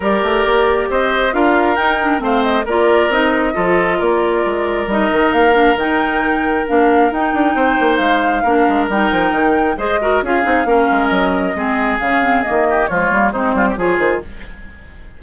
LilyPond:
<<
  \new Staff \with { instrumentName = "flute" } { \time 4/4 \tempo 4 = 135 d''2 dis''4 f''4 | g''4 f''8 dis''8 d''4 dis''4~ | dis''4 d''2 dis''4 | f''4 g''2 f''4 |
g''2 f''2 | g''2 dis''4 f''4~ | f''4 dis''2 f''4 | dis''4 cis''4 c''4 cis''8 c''8 | }
  \new Staff \with { instrumentName = "oboe" } { \time 4/4 ais'2 c''4 ais'4~ | ais'4 c''4 ais'2 | a'4 ais'2.~ | ais'1~ |
ais'4 c''2 ais'4~ | ais'2 c''8 ais'8 gis'4 | ais'2 gis'2~ | gis'8 g'8 f'4 dis'8 f'16 g'16 gis'4 | }
  \new Staff \with { instrumentName = "clarinet" } { \time 4/4 g'2. f'4 | dis'8 d'8 c'4 f'4 dis'4 | f'2. dis'4~ | dis'8 d'8 dis'2 d'4 |
dis'2. d'4 | dis'2 gis'8 fis'8 f'8 dis'8 | cis'2 c'4 cis'8 c'8 | ais4 gis8 ais8 c'4 f'4 | }
  \new Staff \with { instrumentName = "bassoon" } { \time 4/4 g8 a8 ais4 c'4 d'4 | dis'4 a4 ais4 c'4 | f4 ais4 gis4 g8 dis8 | ais4 dis2 ais4 |
dis'8 d'8 c'8 ais8 gis4 ais8 gis8 | g8 f8 dis4 gis4 cis'8 c'8 | ais8 gis8 fis4 gis4 cis4 | dis4 f8 g8 gis8 g8 f8 dis8 | }
>>